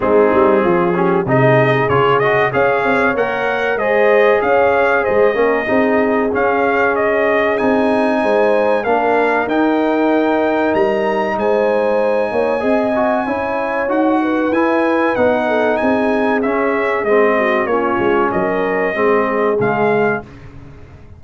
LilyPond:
<<
  \new Staff \with { instrumentName = "trumpet" } { \time 4/4 \tempo 4 = 95 gis'2 dis''4 cis''8 dis''8 | f''4 fis''4 dis''4 f''4 | dis''2 f''4 dis''4 | gis''2 f''4 g''4~ |
g''4 ais''4 gis''2~ | gis''2 fis''4 gis''4 | fis''4 gis''4 e''4 dis''4 | cis''4 dis''2 f''4 | }
  \new Staff \with { instrumentName = "horn" } { \time 4/4 dis'4 f'8 g'8 gis'2 | cis''2 c''4 cis''4 | c''8 ais'8 gis'2.~ | gis'4 c''4 ais'2~ |
ais'2 c''4. cis''8 | dis''4 cis''4. b'4.~ | b'8 a'8 gis'2~ gis'8 fis'8 | f'4 ais'4 gis'2 | }
  \new Staff \with { instrumentName = "trombone" } { \time 4/4 c'4. cis'8 dis'4 f'8 fis'8 | gis'4 ais'4 gis'2~ | gis'8 cis'8 dis'4 cis'2 | dis'2 d'4 dis'4~ |
dis'1 | gis'8 fis'8 e'4 fis'4 e'4 | dis'2 cis'4 c'4 | cis'2 c'4 gis4 | }
  \new Staff \with { instrumentName = "tuba" } { \time 4/4 gis8 g8 f4 c4 cis4 | cis'8 c'8 ais4 gis4 cis'4 | gis8 ais8 c'4 cis'2 | c'4 gis4 ais4 dis'4~ |
dis'4 g4 gis4. ais8 | c'4 cis'4 dis'4 e'4 | b4 c'4 cis'4 gis4 | ais8 gis8 fis4 gis4 cis4 | }
>>